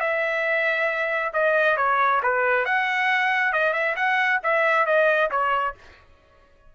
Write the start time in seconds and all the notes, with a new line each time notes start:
0.00 E5
1.33 D#5
1.77 C#5
2.23 B4
2.65 F#5
3.53 D#5
3.73 E5
3.96 F#5
4.43 E5
4.86 D#5
5.31 C#5